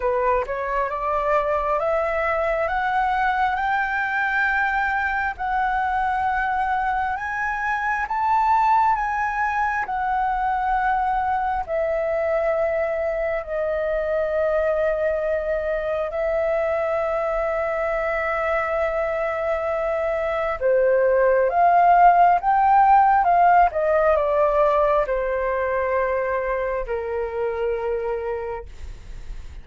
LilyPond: \new Staff \with { instrumentName = "flute" } { \time 4/4 \tempo 4 = 67 b'8 cis''8 d''4 e''4 fis''4 | g''2 fis''2 | gis''4 a''4 gis''4 fis''4~ | fis''4 e''2 dis''4~ |
dis''2 e''2~ | e''2. c''4 | f''4 g''4 f''8 dis''8 d''4 | c''2 ais'2 | }